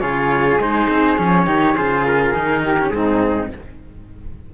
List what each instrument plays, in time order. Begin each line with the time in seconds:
0.00 cello C#3 F4, flute G#4, trumpet C#5
0.58 cello G#3 D#4, trumpet C5
0.89 cello C4
1.18 cello F3 C#4, trumpet C#5
1.46 cello D#3 D#4, flute G4
1.75 cello C#3 F4, flute G#4, trumpet C5
2.06 trumpet A#4
2.33 cello D#3 D#4
2.64 flute G4
2.79 cello C#4
2.89 cello G#2 C4, flute D#4, trumpet G#4